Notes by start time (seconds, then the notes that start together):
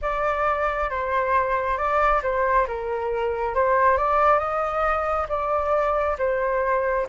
0.01 D5
0.90 C5
1.77 D5
2.22 C5
2.67 A#4
3.55 C5
3.97 D5
4.38 D#5
5.28 D5
6.18 C5